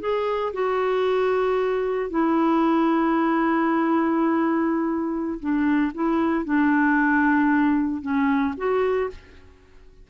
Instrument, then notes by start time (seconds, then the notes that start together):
clarinet
0.00 G#4
0.53 F#4
2.10 E4
5.39 D4
5.94 E4
6.45 D4
8.02 C#4
8.57 F#4